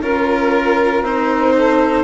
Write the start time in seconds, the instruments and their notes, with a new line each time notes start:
0.00 bassoon C#4, cello F4, violin A#4, saxophone A#4
1.02 bassoon C4, cello D#4, violin C5
1.55 saxophone A4